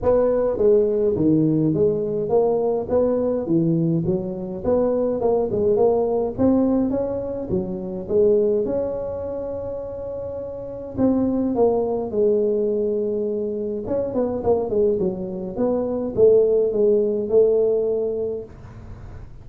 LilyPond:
\new Staff \with { instrumentName = "tuba" } { \time 4/4 \tempo 4 = 104 b4 gis4 dis4 gis4 | ais4 b4 e4 fis4 | b4 ais8 gis8 ais4 c'4 | cis'4 fis4 gis4 cis'4~ |
cis'2. c'4 | ais4 gis2. | cis'8 b8 ais8 gis8 fis4 b4 | a4 gis4 a2 | }